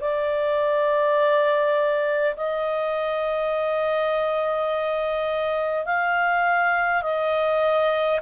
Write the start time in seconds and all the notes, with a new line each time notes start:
0.00 D5
2.36 D#5
5.85 F5
7.02 D#5